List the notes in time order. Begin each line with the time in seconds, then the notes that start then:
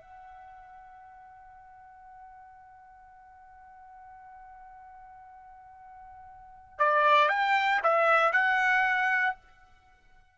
0.00 F#5
6.78 D5
7.29 G5
7.83 E5
8.32 F#5